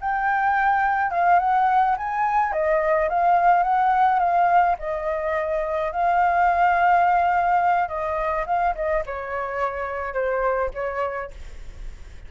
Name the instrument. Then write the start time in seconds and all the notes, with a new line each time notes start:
flute
0.00 G5
1.11 F5
1.39 F#5
1.97 G#5
2.52 D#5
3.09 F5
3.63 F#5
4.19 F5
4.79 D#5
5.92 F5
7.88 D#5
8.46 F5
8.75 D#5
9.06 C#5
10.13 C5
10.74 C#5